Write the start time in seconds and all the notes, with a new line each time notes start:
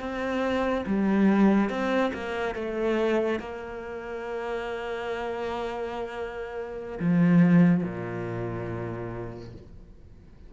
0.00 C4
0.86 G3
1.69 C4
2.14 A#3
2.55 A3
3.40 A#3
6.99 F3
7.84 A#2